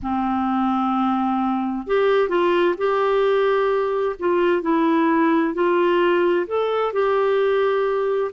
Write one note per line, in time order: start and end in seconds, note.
0.02 1.86 C4
1.86 2.28 G4
2.28 2.74 F4
2.77 4.16 G4
4.19 4.62 F4
4.62 5.54 E4
5.54 6.46 F4
6.46 6.92 A4
6.92 8.31 G4